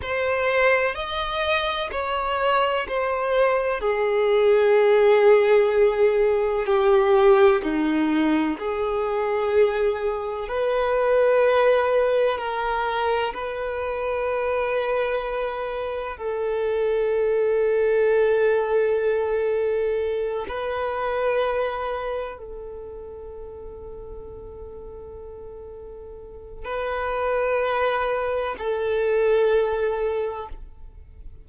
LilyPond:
\new Staff \with { instrumentName = "violin" } { \time 4/4 \tempo 4 = 63 c''4 dis''4 cis''4 c''4 | gis'2. g'4 | dis'4 gis'2 b'4~ | b'4 ais'4 b'2~ |
b'4 a'2.~ | a'4. b'2 a'8~ | a'1 | b'2 a'2 | }